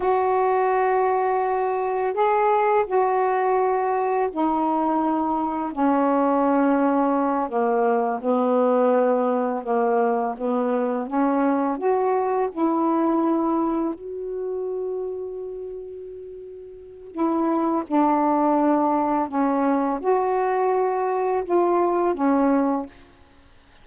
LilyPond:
\new Staff \with { instrumentName = "saxophone" } { \time 4/4 \tempo 4 = 84 fis'2. gis'4 | fis'2 dis'2 | cis'2~ cis'8 ais4 b8~ | b4. ais4 b4 cis'8~ |
cis'8 fis'4 e'2 fis'8~ | fis'1 | e'4 d'2 cis'4 | fis'2 f'4 cis'4 | }